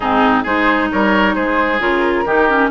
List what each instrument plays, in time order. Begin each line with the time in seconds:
0.00 bassoon G#2, clarinet C4, oboe D#4, flute G#4
0.43 bassoon G#3, clarinet D#4, oboe G#4, flute C5
0.90 bassoon G3, oboe A#4, flute C#5
1.34 bassoon G#3, oboe G#4, flute C5
1.80 bassoon C#3, clarinet F4, flute A#4
2.25 bassoon D#3, clarinet D#4, oboe G4
2.49 clarinet C#4